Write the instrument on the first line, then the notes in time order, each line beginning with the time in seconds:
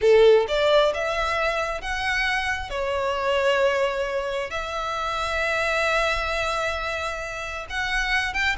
violin
0.01 A4
0.47 D5
0.94 E5
1.81 F#5
2.69 C#5
4.50 E5
7.69 F#5
8.33 G5